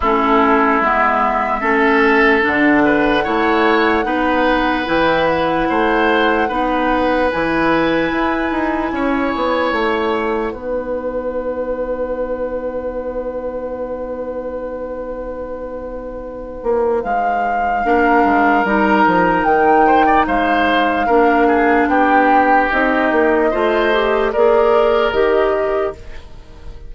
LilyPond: <<
  \new Staff \with { instrumentName = "flute" } { \time 4/4 \tempo 4 = 74 a'4 e''2 fis''4~ | fis''2 g''8 fis''4.~ | fis''4 gis''2. | fis''1~ |
fis''1~ | fis''4 f''2 ais''4 | g''4 f''2 g''4 | dis''2 d''4 dis''4 | }
  \new Staff \with { instrumentName = "oboe" } { \time 4/4 e'2 a'4. b'8 | cis''4 b'2 c''4 | b'2. cis''4~ | cis''4 b'2.~ |
b'1~ | b'2 ais'2~ | ais'8 c''16 d''16 c''4 ais'8 gis'8 g'4~ | g'4 c''4 ais'2 | }
  \new Staff \with { instrumentName = "clarinet" } { \time 4/4 cis'4 b4 cis'4 d'4 | e'4 dis'4 e'2 | dis'4 e'2.~ | e'4 dis'2.~ |
dis'1~ | dis'2 d'4 dis'4~ | dis'2 d'2 | dis'4 f'8 g'8 gis'4 g'4 | }
  \new Staff \with { instrumentName = "bassoon" } { \time 4/4 a4 gis4 a4 d4 | a4 b4 e4 a4 | b4 e4 e'8 dis'8 cis'8 b8 | a4 b2.~ |
b1~ | b8 ais8 gis4 ais8 gis8 g8 f8 | dis4 gis4 ais4 b4 | c'8 ais8 a4 ais4 dis4 | }
>>